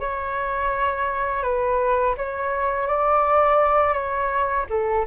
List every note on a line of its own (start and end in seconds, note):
0.00 1.42 C#5
1.42 2.15 B4
2.17 2.87 C#5
2.87 3.93 D5
3.93 4.66 C#5
4.69 5.05 A4